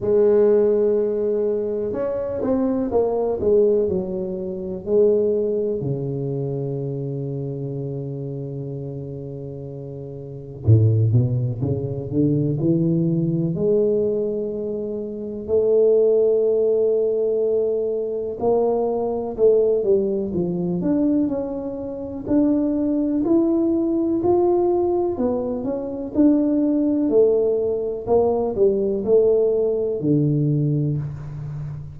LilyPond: \new Staff \with { instrumentName = "tuba" } { \time 4/4 \tempo 4 = 62 gis2 cis'8 c'8 ais8 gis8 | fis4 gis4 cis2~ | cis2. a,8 b,8 | cis8 d8 e4 gis2 |
a2. ais4 | a8 g8 f8 d'8 cis'4 d'4 | e'4 f'4 b8 cis'8 d'4 | a4 ais8 g8 a4 d4 | }